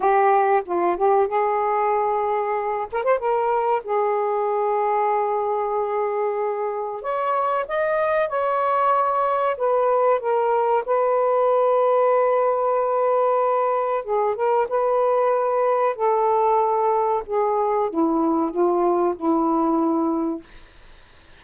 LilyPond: \new Staff \with { instrumentName = "saxophone" } { \time 4/4 \tempo 4 = 94 g'4 f'8 g'8 gis'2~ | gis'8 ais'16 c''16 ais'4 gis'2~ | gis'2. cis''4 | dis''4 cis''2 b'4 |
ais'4 b'2.~ | b'2 gis'8 ais'8 b'4~ | b'4 a'2 gis'4 | e'4 f'4 e'2 | }